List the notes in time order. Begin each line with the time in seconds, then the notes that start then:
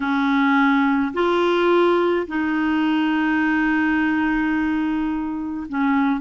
0.00 C#4
1.13 F4
2.27 D#4
5.68 C#4